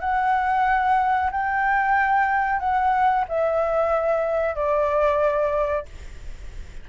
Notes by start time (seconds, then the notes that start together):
0.00 F#5
1.31 G5
2.60 F#5
3.28 E5
4.55 D5